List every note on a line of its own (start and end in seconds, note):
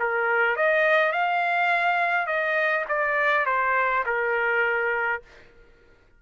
0.00 0.56 A#4
0.56 1.12 D#5
1.12 2.27 F5
2.27 2.85 D#5
2.89 3.46 D5
3.46 4.04 C5
4.06 5.22 A#4